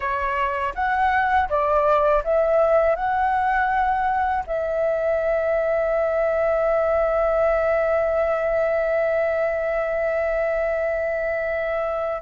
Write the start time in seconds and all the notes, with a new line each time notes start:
0.00 C#5
0.74 F#5
1.49 D5
2.24 E5
2.95 F#5
4.46 E5